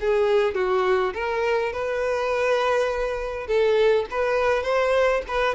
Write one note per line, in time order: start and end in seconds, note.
0.00 0.55 G#4
0.55 1.13 F#4
1.14 1.72 A#4
1.73 3.47 B4
3.47 4.06 A4
4.11 4.63 B4
4.63 5.22 C5
5.28 5.55 B4